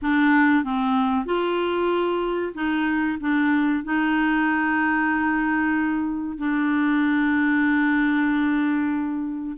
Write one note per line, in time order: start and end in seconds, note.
0.01 0.64 D4
0.64 1.25 C4
1.25 2.53 F4
2.54 3.18 D#4
3.20 3.84 D4
3.84 6.37 D#4
6.37 9.56 D4